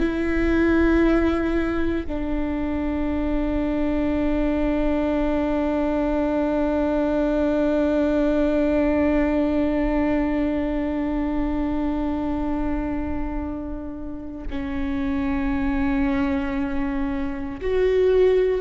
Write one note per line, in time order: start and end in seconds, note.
0.00 2.07 E4
2.07 14.48 D4
14.51 17.61 C#4
17.61 18.62 F#4